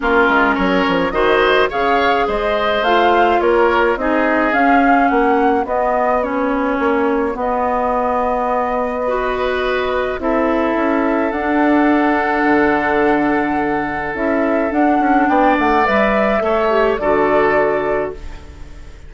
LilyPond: <<
  \new Staff \with { instrumentName = "flute" } { \time 4/4 \tempo 4 = 106 ais'4 cis''4 dis''4 f''4 | dis''4 f''4 cis''4 dis''4 | f''4 fis''4 dis''4 cis''4~ | cis''4 dis''2.~ |
dis''2 e''2 | fis''1~ | fis''4 e''4 fis''4 g''8 fis''8 | e''2 d''2 | }
  \new Staff \with { instrumentName = "oboe" } { \time 4/4 f'4 ais'4 c''4 cis''4 | c''2 ais'4 gis'4~ | gis'4 fis'2.~ | fis'1 |
b'2 a'2~ | a'1~ | a'2. d''4~ | d''4 cis''4 a'2 | }
  \new Staff \with { instrumentName = "clarinet" } { \time 4/4 cis'2 fis'4 gis'4~ | gis'4 f'2 dis'4 | cis'2 b4 cis'4~ | cis'4 b2. |
fis'2 e'2 | d'1~ | d'4 e'4 d'2 | b'4 a'8 g'8 fis'2 | }
  \new Staff \with { instrumentName = "bassoon" } { \time 4/4 ais8 gis8 fis8 f8 dis4 cis4 | gis4 a4 ais4 c'4 | cis'4 ais4 b2 | ais4 b2.~ |
b2 c'4 cis'4 | d'2 d2~ | d4 cis'4 d'8 cis'8 b8 a8 | g4 a4 d2 | }
>>